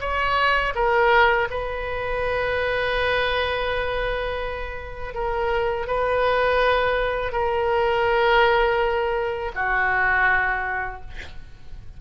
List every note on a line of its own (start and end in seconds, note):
0.00 0.73 C#5
0.75 1.48 A#4
1.50 5.14 B4
5.14 5.87 A#4
5.87 7.32 B4
7.32 9.52 A#4
9.55 11.01 F#4